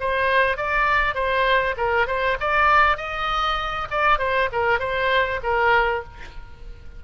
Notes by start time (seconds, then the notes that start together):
0.00 C5
0.57 D5
1.15 C5
1.77 A#4
2.07 C5
2.40 D5
2.97 D#5
3.90 D5
4.19 C5
4.52 A#4
4.79 C5
5.43 A#4